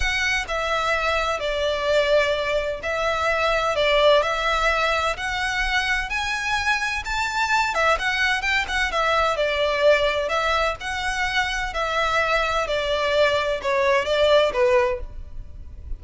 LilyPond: \new Staff \with { instrumentName = "violin" } { \time 4/4 \tempo 4 = 128 fis''4 e''2 d''4~ | d''2 e''2 | d''4 e''2 fis''4~ | fis''4 gis''2 a''4~ |
a''8 e''8 fis''4 g''8 fis''8 e''4 | d''2 e''4 fis''4~ | fis''4 e''2 d''4~ | d''4 cis''4 d''4 b'4 | }